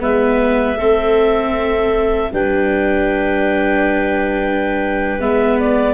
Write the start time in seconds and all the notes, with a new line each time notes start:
0.00 G#3 B3 B4 E5
0.76 A3 C4 A4
2.33 G3 D4 B4 G5
5.19 G#3 B3 E5
5.60 D5